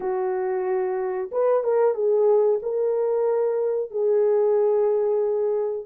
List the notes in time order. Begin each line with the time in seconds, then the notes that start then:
0.00 F#4
1.31 B4
1.63 A#4
1.94 G#4
2.62 A#4
3.90 G#4